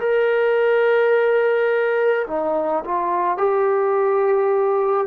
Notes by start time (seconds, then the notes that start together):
0.00 A#4
2.27 D#4
2.85 F4
3.38 G4